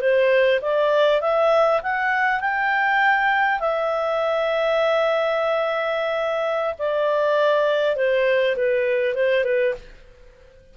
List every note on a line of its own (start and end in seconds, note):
0.00 0.60 C5
0.61 1.21 D5
1.21 1.81 E5
1.82 2.40 F#5
2.40 3.59 G5
3.59 6.74 E5
6.78 7.96 D5
7.96 8.56 C5
8.56 9.14 B4
9.14 9.44 C5
9.44 9.74 B4